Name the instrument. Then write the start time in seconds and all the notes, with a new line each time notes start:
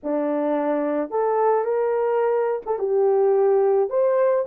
horn
0.03 D4
1.10 A4
1.64 A#4
2.66 A4
2.79 G4
3.89 C5